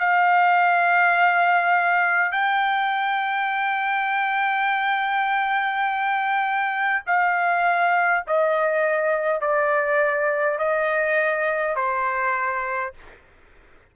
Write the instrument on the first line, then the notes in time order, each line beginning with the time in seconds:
trumpet
0.00 F5
2.32 G5
7.06 F5
8.27 D#5
9.41 D5
10.59 D#5
11.76 C5